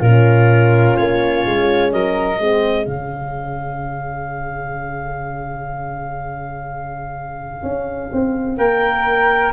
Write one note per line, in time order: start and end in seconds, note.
0.00 0.96 A#2
0.00 2.39 C#4
0.00 1.90 F4
0.00 0.97 A#4
0.97 1.46 A#3
0.97 1.92 C#5
1.46 1.93 G#3
1.92 2.39 F#3
1.92 2.41 A#4
1.92 2.86 D#5
2.39 2.87 G#3
2.39 2.88 C4
2.39 8.58 G#4
2.86 7.63 C#3
2.86 9.53 C#4
2.86 8.57 F5
7.63 8.11 C#4
8.13 8.59 C4
8.58 9.53 A#3
8.58 9.53 A#4
8.58 9.53 G5